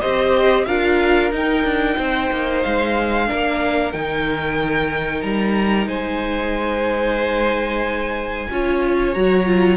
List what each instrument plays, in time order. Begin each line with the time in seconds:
0.00 cello C4, viola G4, violin C5 D#5
0.65 cello D4, viola F4, violin A#4 F5
1.31 cello D#4, viola D#4, violin G5
1.64 cello D4
1.96 cello C4, violin C5
2.32 cello A#3
2.62 cello G#3, violin F5
3.27 cello A#3, viola D4, violin A#4
3.92 cello D#3, viola D#4, violin G5
5.22 cello G3, violin A#5
5.86 cello G#3, violin C5 G#5
8.50 cello C#4, viola F4, violin C#5
9.13 cello F#3, viola F#4, violin A#5
9.46 viola F4